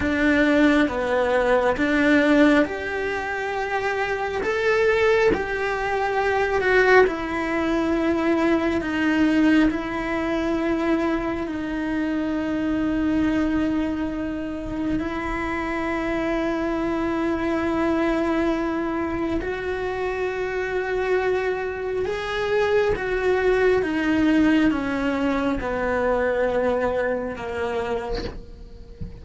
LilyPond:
\new Staff \with { instrumentName = "cello" } { \time 4/4 \tempo 4 = 68 d'4 b4 d'4 g'4~ | g'4 a'4 g'4. fis'8 | e'2 dis'4 e'4~ | e'4 dis'2.~ |
dis'4 e'2.~ | e'2 fis'2~ | fis'4 gis'4 fis'4 dis'4 | cis'4 b2 ais4 | }